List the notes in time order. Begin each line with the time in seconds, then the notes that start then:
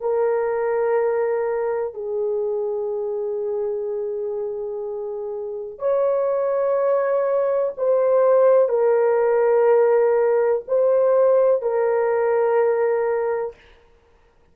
0.00 A#4
1.94 G#4
5.78 C#5
7.77 C5
8.68 A#4
10.67 C5
11.61 A#4